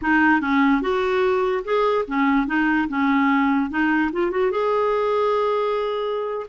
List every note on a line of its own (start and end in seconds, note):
0.01 0.41 D#4
0.41 0.81 C#4
0.81 1.63 F#4
1.64 2.05 G#4
2.07 2.47 C#4
2.47 2.88 D#4
2.88 3.69 C#4
3.69 4.11 D#4
4.12 4.31 F4
4.31 4.51 F#4
4.51 6.46 G#4